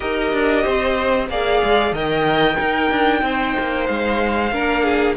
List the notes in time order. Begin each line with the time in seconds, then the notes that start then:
0.00 D#4 G4 A#4 D#5
0.33 D4
0.63 C4 C5
1.29 A#3 G#4 D5 F5
1.63 G#3
1.92 D#3 A#4 D#5 G5
2.55 D#4 A#4
2.91 D4
3.22 C4 C5
3.58 A#3
3.86 G#3 F5
4.51 A#3 D4 A#4
4.83 G#4